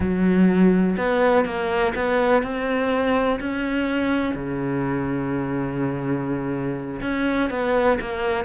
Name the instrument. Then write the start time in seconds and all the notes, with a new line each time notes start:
cello
0.00 F#3
0.97 B3
1.45 A#3
1.95 B3
2.43 C4
3.39 C#4
4.34 C#3
7.01 C#4
7.50 B3
8.00 A#3